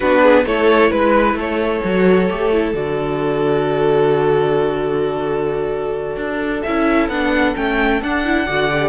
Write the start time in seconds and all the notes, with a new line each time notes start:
0.00 B3 D4 F#4 B4
0.22 G#4
0.45 A3 E4 A4 C#5
0.90 G#3 B4
1.34 A3 A4 C#5
1.84 F#3 F#4
2.29 A3 G4
2.52 E4
2.73 D3 F#4 D5
6.16 D4
6.62 C#4 E4 E5
7.08 B3 D4 F#5
7.55 A3 C#4 G5
8.01 D4 F#5
8.24 E4
8.45 D3 F#4 D5
8.70 G4